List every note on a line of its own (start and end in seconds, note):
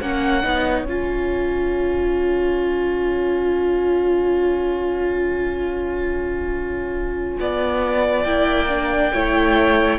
0.00 0.44 A#3
0.00 0.43 C#4
0.00 7.39 C#5
0.00 0.85 F#5
0.43 0.85 B3
0.43 0.86 D#4
0.85 7.37 C#4
0.85 8.26 F4
0.85 8.24 G#5
7.40 8.25 B3
7.40 9.13 D5
8.24 9.12 A#3
8.24 8.69 E4
8.24 9.98 G5
8.69 9.12 D4
9.13 9.99 A3
9.13 9.99 E4
9.13 9.99 C#5